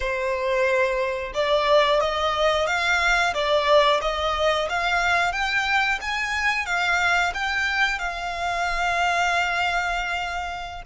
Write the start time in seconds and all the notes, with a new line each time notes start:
0.00 C5
1.33 D5
2.00 D#5
2.67 F5
3.33 D5
4.01 D#5
4.69 F5
5.32 G5
6.01 G#5
6.65 F5
7.34 G5
7.98 F5